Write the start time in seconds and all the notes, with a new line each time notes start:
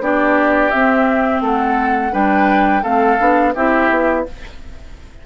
0.00 B3 D4 G4 D5
0.71 C4 E5
1.41 A3 A4 F#5
2.12 G3 D4 B4 G5
2.83 A3 C4 A4 F5
3.19 B3 D4
3.55 C4 E4 G4 E5
3.90 B3